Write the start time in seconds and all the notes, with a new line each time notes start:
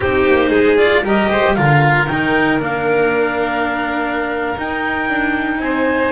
0.00 C4 D#4 G4 C5
0.27 A#3
0.49 G#3 G#4
0.77 F4 D5
1.02 G3 G4 A#4 D#5
1.29 G#3 C5
1.46 G3
1.54 D3 F4 A#4 F5
2.07 D#3 D#4 G5
2.59 A#3 D4 F5
4.56 D#4 G5
5.08 D4
5.58 C4 C5 G#5